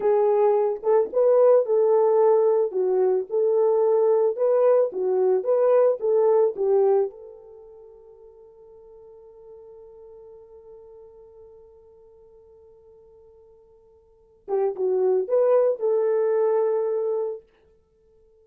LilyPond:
\new Staff \with { instrumentName = "horn" } { \time 4/4 \tempo 4 = 110 gis'4. a'8 b'4 a'4~ | a'4 fis'4 a'2 | b'4 fis'4 b'4 a'4 | g'4 a'2.~ |
a'1~ | a'1~ | a'2~ a'8 g'8 fis'4 | b'4 a'2. | }